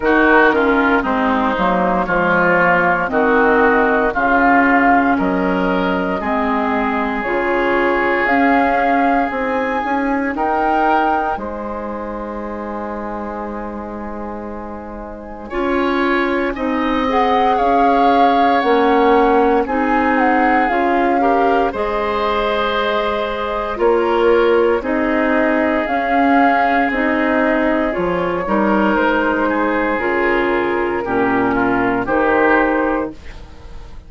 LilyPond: <<
  \new Staff \with { instrumentName = "flute" } { \time 4/4 \tempo 4 = 58 ais'4 c''4 cis''4 dis''4 | f''4 dis''2 cis''4 | f''4 gis''4 g''4 gis''4~ | gis''1~ |
gis''8 fis''8 f''4 fis''4 gis''8 fis''8 | f''4 dis''2 cis''4 | dis''4 f''4 dis''4 cis''4 | c''4 ais'2 c''4 | }
  \new Staff \with { instrumentName = "oboe" } { \time 4/4 fis'8 f'8 dis'4 f'4 fis'4 | f'4 ais'4 gis'2~ | gis'2 ais'4 c''4~ | c''2. cis''4 |
dis''4 cis''2 gis'4~ | gis'8 ais'8 c''2 ais'4 | gis'2.~ gis'8 ais'8~ | ais'8 gis'4. g'8 f'8 g'4 | }
  \new Staff \with { instrumentName = "clarinet" } { \time 4/4 dis'8 cis'8 c'8 ais8 gis8 ais8 c'4 | cis'2 c'4 f'4 | cis'4 dis'2.~ | dis'2. f'4 |
dis'8 gis'4. cis'4 dis'4 | f'8 g'8 gis'2 f'4 | dis'4 cis'4 dis'4 f'8 dis'8~ | dis'4 f'4 cis'4 dis'4 | }
  \new Staff \with { instrumentName = "bassoon" } { \time 4/4 dis4 gis8 fis8 f4 dis4 | cis4 fis4 gis4 cis4 | cis'4 c'8 cis'8 dis'4 gis4~ | gis2. cis'4 |
c'4 cis'4 ais4 c'4 | cis'4 gis2 ais4 | c'4 cis'4 c'4 f8 g8 | gis4 cis4 ais,4 dis4 | }
>>